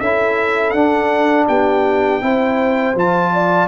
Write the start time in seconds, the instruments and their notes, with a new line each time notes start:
0.00 tuba C#4, trombone E4, horn A4, trumpet E5
0.71 tuba D4, trombone D4, trumpet F#5
1.48 tuba B3, horn G4, trumpet G5
2.21 tuba C4, trombone E4, horn C5
2.95 tuba F3, trombone F4, trumpet A5
3.33 horn D5